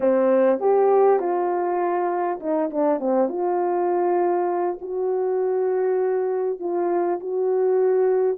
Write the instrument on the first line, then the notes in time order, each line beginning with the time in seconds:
horn
0.00 C4
0.59 G4
1.19 F4
2.39 D#4
2.70 D4
2.99 C4
3.28 F4
4.81 F#4
6.59 F4
7.20 F#4